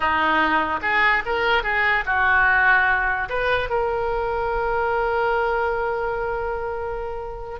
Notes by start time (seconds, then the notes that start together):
0.00 D#4
0.82 G#4
1.25 A#4
1.63 G#4
2.05 F#4
3.29 B4
3.69 A#4